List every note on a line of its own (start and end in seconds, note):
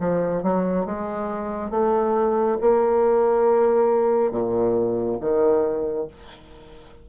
0.00 0.42 F3
0.42 0.85 F#3
0.85 1.70 G#3
1.70 2.57 A3
2.61 4.31 A#3
4.31 5.18 A#2
5.20 6.07 D#3